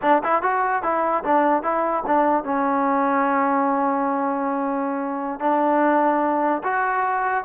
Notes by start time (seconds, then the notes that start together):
0.02 D4
0.23 E4
0.42 F#4
0.83 E4
1.24 D4
1.62 E4
2.06 D4
2.44 C#4
5.40 D4
6.63 F#4